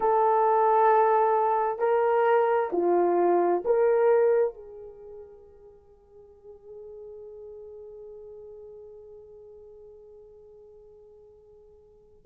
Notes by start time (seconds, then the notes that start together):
0.00 A4
1.79 A#4
2.72 F4
3.64 A#4
4.53 G#4